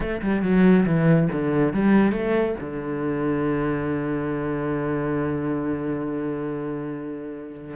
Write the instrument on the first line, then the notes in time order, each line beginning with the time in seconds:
cello
0.00 A3
0.21 G3
0.41 F#3
0.85 E3
1.32 D3
1.73 G3
2.12 A3
2.60 D3